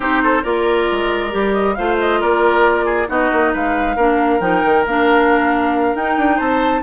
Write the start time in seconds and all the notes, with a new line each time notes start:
0.00 C4 D#4 G4 C5
0.23 A4
0.42 A#3 F4 A#4 D5
0.91 G#3
1.30 G3 G4
1.53 D#5
1.74 A3 F4 C5 F5
2.00 D#5
2.20 A#3 A#4 D5
2.85 G#4
3.07 B3 D#4 F#4 D#5
3.32 A#3
3.52 G#3 B4 F5
3.96 A#3 D4 A#4
4.40 F3 D#4 G5
4.64 D#3
4.86 A#3 D4 F5
5.94 D#4 G5
6.17 D4
6.36 C4 C5 A5